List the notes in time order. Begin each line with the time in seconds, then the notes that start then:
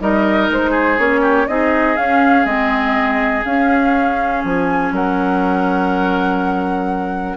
0.00 G3 D#4 A#4 D#5
0.50 G#3 C5
0.71 G#4
0.98 A#3 C#4 C#5
1.22 G4
1.48 C4 D#4 G#4 D#5
1.97 C#4 F5
2.45 G#3 C4 D#5
3.45 C#4 F5
4.44 F3 G#5
4.92 F#3 A#4 F#5